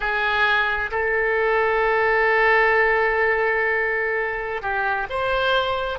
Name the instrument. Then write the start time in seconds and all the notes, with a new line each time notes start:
oboe
0.00 G#4
0.91 A4
4.62 G4
5.09 C5